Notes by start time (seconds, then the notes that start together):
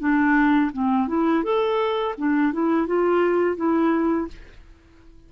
0.00 D4
0.73 C4
1.08 E4
1.44 A4
2.18 D4
2.53 E4
2.87 F4
3.57 E4